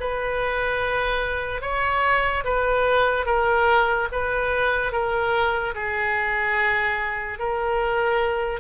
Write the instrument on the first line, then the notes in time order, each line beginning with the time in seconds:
oboe
0.00 B4
1.61 C#5
2.44 B4
3.26 A#4
4.12 B4
4.92 A#4
5.74 G#4
7.39 A#4